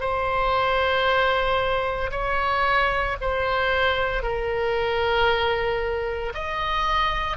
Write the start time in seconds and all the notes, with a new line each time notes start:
0.00 C5
2.11 C#5
3.21 C5
4.22 A#4
6.34 D#5